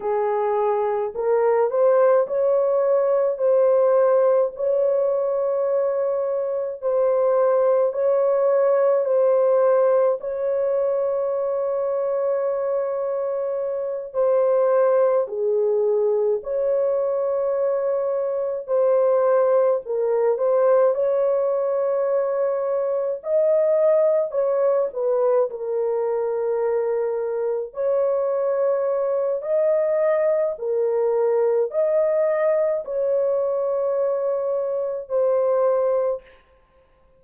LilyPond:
\new Staff \with { instrumentName = "horn" } { \time 4/4 \tempo 4 = 53 gis'4 ais'8 c''8 cis''4 c''4 | cis''2 c''4 cis''4 | c''4 cis''2.~ | cis''8 c''4 gis'4 cis''4.~ |
cis''8 c''4 ais'8 c''8 cis''4.~ | cis''8 dis''4 cis''8 b'8 ais'4.~ | ais'8 cis''4. dis''4 ais'4 | dis''4 cis''2 c''4 | }